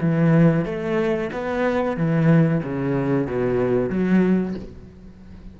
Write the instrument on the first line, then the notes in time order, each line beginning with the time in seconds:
cello
0.00 E3
0.65 A3
1.32 B3
1.97 E3
2.63 C#3
3.27 B2
3.90 F#3